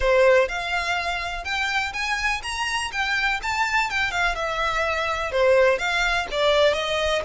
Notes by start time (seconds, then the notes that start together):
0.00 C5
0.48 F5
1.44 G5
1.93 G#5
2.42 A#5
2.92 G5
3.42 A5
3.90 G5
4.11 F5
4.35 E5
5.31 C5
5.78 F5
6.31 D5
6.73 D#5